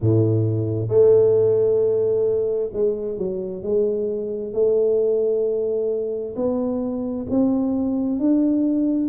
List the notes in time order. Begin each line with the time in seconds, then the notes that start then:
0.00 A2
0.88 A3
2.72 G#3
3.17 F#3
3.62 G#3
4.52 A3
6.35 B3
7.30 C4
8.19 D4